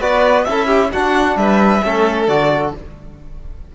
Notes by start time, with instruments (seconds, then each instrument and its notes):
0.00 cello B3, trombone F#4, violin B4 D5
0.44 cello C#4, trombone E4, violin A4 E5
0.66 violin G4
0.92 trombone D4, cello D4, violin F#4 F#5
1.36 cello G3, violin B4 E5
1.83 cello A3, trombone C#4, violin A4
2.27 cello D3, trombone F#4, violin D5